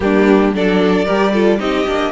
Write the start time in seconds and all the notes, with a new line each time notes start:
0.00 G3 A#3 D4 G4
0.52 F#3 D4 A4 D5
1.05 G3 G4 A#4
1.32 F4 A4
1.58 C4 D#4 G4 D#5
1.86 A#3 D4